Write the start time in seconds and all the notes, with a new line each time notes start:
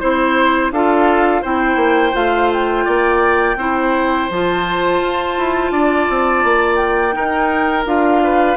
0.00 C4 E4 C5
0.71 D4 F4 A4 F5
1.42 C4 E4 C5 G5
1.76 A#3
2.13 A3 F4 F5
2.53 G5
2.85 A#3 D5
3.57 C4 E4 C5
4.30 F3 F4 A5
5.02 F4
5.39 E4
5.72 D4 D5
6.10 C4
6.44 A#3
6.76 G5
7.13 D#4 A#4
7.86 D4 F4 F5
8.24 B4